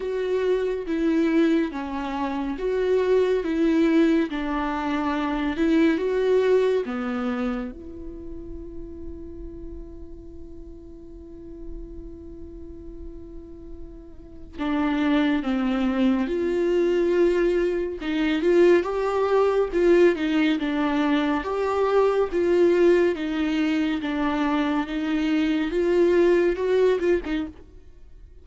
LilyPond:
\new Staff \with { instrumentName = "viola" } { \time 4/4 \tempo 4 = 70 fis'4 e'4 cis'4 fis'4 | e'4 d'4. e'8 fis'4 | b4 e'2.~ | e'1~ |
e'4 d'4 c'4 f'4~ | f'4 dis'8 f'8 g'4 f'8 dis'8 | d'4 g'4 f'4 dis'4 | d'4 dis'4 f'4 fis'8 f'16 dis'16 | }